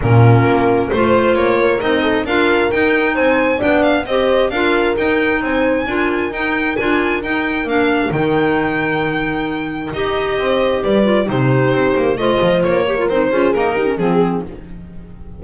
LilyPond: <<
  \new Staff \with { instrumentName = "violin" } { \time 4/4 \tempo 4 = 133 ais'2 c''4 cis''4 | dis''4 f''4 g''4 gis''4 | g''8 f''8 dis''4 f''4 g''4 | gis''2 g''4 gis''4 |
g''4 f''4 g''2~ | g''2 dis''2 | d''4 c''2 dis''4 | cis''4 c''4 ais'4 gis'4 | }
  \new Staff \with { instrumentName = "horn" } { \time 4/4 f'2 c''4. ais'8~ | ais'8 a'8 ais'2 c''4 | d''4 c''4 ais'2 | c''4 ais'2.~ |
ais'1~ | ais'2. c''4 | b'4 g'2 c''4~ | c''8 ais'4 gis'4 g'8 gis'4 | }
  \new Staff \with { instrumentName = "clarinet" } { \time 4/4 cis'2 f'2 | dis'4 f'4 dis'2 | d'4 g'4 f'4 dis'4~ | dis'4 f'4 dis'4 f'4 |
dis'4 d'4 dis'2~ | dis'2 g'2~ | g'8 f'8 dis'2 f'4~ | f'8 g'16 f'16 dis'8 f'8 ais8 dis'16 cis'16 c'4 | }
  \new Staff \with { instrumentName = "double bass" } { \time 4/4 ais,4 ais4 a4 ais4 | c'4 d'4 dis'4 c'4 | b4 c'4 d'4 dis'4 | c'4 d'4 dis'4 d'4 |
dis'4 ais4 dis2~ | dis2 dis'4 c'4 | g4 c4 c'8 ais8 a8 f8 | ais4 c'8 cis'8 dis'4 f4 | }
>>